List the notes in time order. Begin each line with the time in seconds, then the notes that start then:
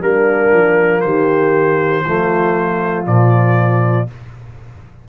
0.00 G3 A#3 D4 A#4
0.52 F3
1.00 D#3 G4 C5
2.04 F3 A3 F4
3.06 A#2 F3 D5